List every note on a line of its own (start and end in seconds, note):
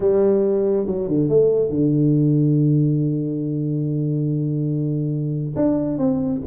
0.00 0.86 G3
0.86 1.07 F#3
1.07 1.28 D3
1.28 1.69 A3
1.69 5.55 D3
5.56 5.98 D4
5.98 6.41 C4